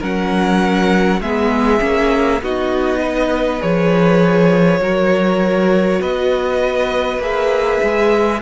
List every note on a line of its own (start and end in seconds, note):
0.00 1.21 F#3
0.00 1.22 C#4
0.00 1.20 A#4
0.00 1.22 F#5
1.21 1.81 G#3
1.21 1.79 B3
1.21 2.42 G#4
1.21 2.42 E5
1.79 2.42 A#3
1.79 2.40 C#4
2.42 3.62 B3
2.42 3.60 D#4
2.42 3.00 F#4
2.42 3.62 D#5
3.00 4.80 B4
3.60 4.80 F3
3.60 4.80 G#4
3.60 6.02 C#5
4.80 6.00 F#3
4.80 7.21 F#4
4.80 6.00 A#4
6.00 7.18 B3
6.00 8.40 B4
6.00 7.22 D#5
7.18 7.78 A#3
7.18 8.41 G#4
7.18 8.42 E5
7.83 8.42 G#3